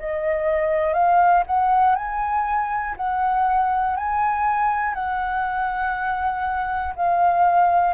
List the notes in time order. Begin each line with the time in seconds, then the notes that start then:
0.00 D#5
0.94 F5
1.47 F#5
1.96 G#5
2.97 F#5
3.97 G#5
4.95 F#5
6.96 F5